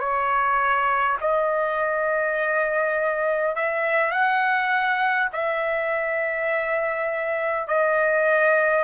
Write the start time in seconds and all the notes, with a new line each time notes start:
0.00 C#5
1.20 D#5
3.55 E5
4.11 F#5
5.33 E5
7.67 D#5